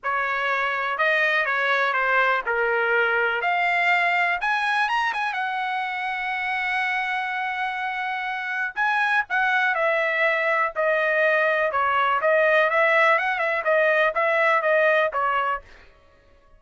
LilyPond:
\new Staff \with { instrumentName = "trumpet" } { \time 4/4 \tempo 4 = 123 cis''2 dis''4 cis''4 | c''4 ais'2 f''4~ | f''4 gis''4 ais''8 gis''8 fis''4~ | fis''1~ |
fis''2 gis''4 fis''4 | e''2 dis''2 | cis''4 dis''4 e''4 fis''8 e''8 | dis''4 e''4 dis''4 cis''4 | }